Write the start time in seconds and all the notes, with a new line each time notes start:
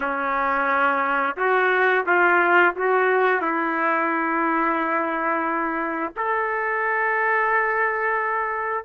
0.00 C#4
1.36 F#4
2.05 F4
2.76 F#4
3.41 E4
6.16 A4